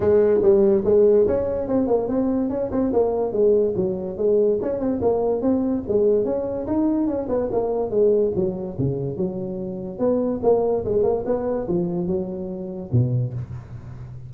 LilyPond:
\new Staff \with { instrumentName = "tuba" } { \time 4/4 \tempo 4 = 144 gis4 g4 gis4 cis'4 | c'8 ais8 c'4 cis'8 c'8 ais4 | gis4 fis4 gis4 cis'8 c'8 | ais4 c'4 gis4 cis'4 |
dis'4 cis'8 b8 ais4 gis4 | fis4 cis4 fis2 | b4 ais4 gis8 ais8 b4 | f4 fis2 b,4 | }